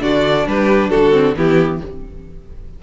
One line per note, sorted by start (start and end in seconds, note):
0.00 0.46 D3
0.00 1.11 D4
0.00 0.47 F#4
0.00 0.47 D5
0.46 0.92 G3
0.46 0.90 G4
0.46 0.89 B4
0.89 1.36 D3
0.89 1.35 F#4
0.89 1.35 A4
1.11 1.34 C4
1.36 1.81 E3
1.36 1.81 B3
1.36 1.82 E4
1.36 1.83 G4